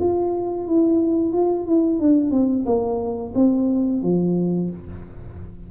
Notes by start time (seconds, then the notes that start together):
0.00 F4
0.67 E4
1.33 F4
1.66 E4
2.00 D4
2.31 C4
2.66 A#3
3.35 C4
4.03 F3